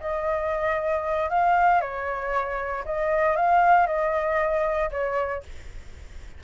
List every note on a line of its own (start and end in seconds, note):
0.00 1.29 D#5
1.30 1.81 F5
1.81 2.84 C#5
2.84 3.36 D#5
3.36 3.86 F5
3.86 4.90 D#5
4.91 5.42 C#5